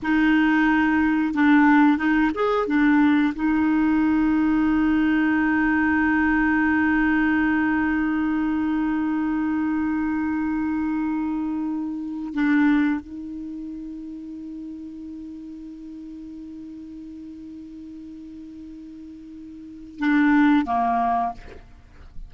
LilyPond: \new Staff \with { instrumentName = "clarinet" } { \time 4/4 \tempo 4 = 90 dis'2 d'4 dis'8 gis'8 | d'4 dis'2.~ | dis'1~ | dis'1~ |
dis'2~ dis'8 d'4 dis'8~ | dis'1~ | dis'1~ | dis'2 d'4 ais4 | }